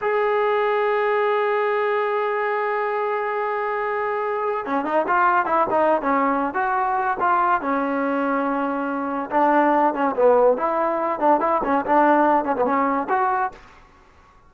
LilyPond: \new Staff \with { instrumentName = "trombone" } { \time 4/4 \tempo 4 = 142 gis'1~ | gis'1~ | gis'2. cis'8 dis'8 | f'4 e'8 dis'8. cis'4~ cis'16 fis'8~ |
fis'4 f'4 cis'2~ | cis'2 d'4. cis'8 | b4 e'4. d'8 e'8 cis'8 | d'4. cis'16 b16 cis'4 fis'4 | }